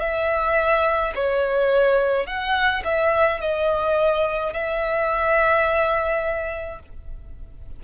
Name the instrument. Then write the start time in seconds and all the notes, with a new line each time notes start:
violin
0.00 E5
1.15 C#5
2.26 F#5
2.85 E5
3.41 D#5
4.53 E5